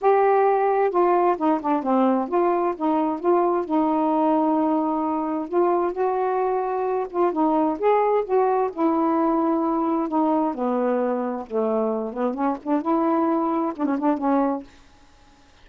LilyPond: \new Staff \with { instrumentName = "saxophone" } { \time 4/4 \tempo 4 = 131 g'2 f'4 dis'8 d'8 | c'4 f'4 dis'4 f'4 | dis'1 | f'4 fis'2~ fis'8 f'8 |
dis'4 gis'4 fis'4 e'4~ | e'2 dis'4 b4~ | b4 a4. b8 cis'8 d'8 | e'2 d'16 cis'16 d'8 cis'4 | }